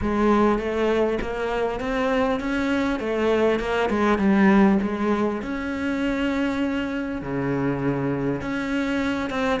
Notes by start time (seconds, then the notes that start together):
0.01 G#3
0.58 A3
1.21 A#3
1.80 C4
2.40 C#4
2.99 A3
3.59 A#3
3.89 G#3
4.18 G3
4.82 G#3
5.42 C#4
7.21 C#3
8.41 C#4
9.29 C4